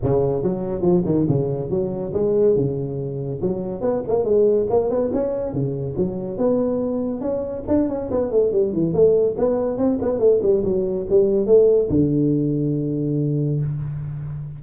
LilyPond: \new Staff \with { instrumentName = "tuba" } { \time 4/4 \tempo 4 = 141 cis4 fis4 f8 dis8 cis4 | fis4 gis4 cis2 | fis4 b8 ais8 gis4 ais8 b8 | cis'4 cis4 fis4 b4~ |
b4 cis'4 d'8 cis'8 b8 a8 | g8 e8 a4 b4 c'8 b8 | a8 g8 fis4 g4 a4 | d1 | }